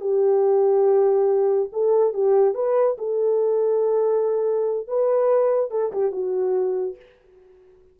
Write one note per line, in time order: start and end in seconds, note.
0.00 1.69 G4
1.72 2.13 A4
2.13 2.54 G4
2.54 2.96 B4
2.98 4.87 A4
4.87 5.70 B4
5.70 5.92 A4
5.92 6.11 G4
6.11 6.96 F#4